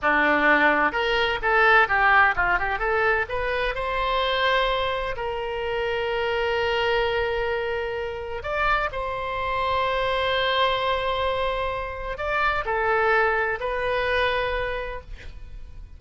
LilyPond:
\new Staff \with { instrumentName = "oboe" } { \time 4/4 \tempo 4 = 128 d'2 ais'4 a'4 | g'4 f'8 g'8 a'4 b'4 | c''2. ais'4~ | ais'1~ |
ais'2 d''4 c''4~ | c''1~ | c''2 d''4 a'4~ | a'4 b'2. | }